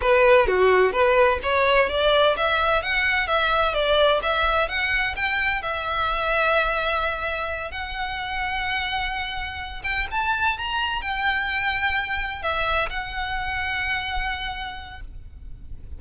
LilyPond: \new Staff \with { instrumentName = "violin" } { \time 4/4 \tempo 4 = 128 b'4 fis'4 b'4 cis''4 | d''4 e''4 fis''4 e''4 | d''4 e''4 fis''4 g''4 | e''1~ |
e''8 fis''2.~ fis''8~ | fis''4 g''8 a''4 ais''4 g''8~ | g''2~ g''8 e''4 fis''8~ | fis''1 | }